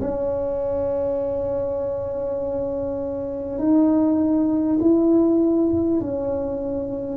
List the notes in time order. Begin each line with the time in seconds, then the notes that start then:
0.00 C#4
3.58 D#4
4.81 E4
6.01 C#4